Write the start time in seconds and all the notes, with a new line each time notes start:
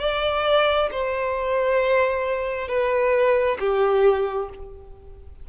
0.00 D5
0.92 C5
2.69 B4
3.60 G4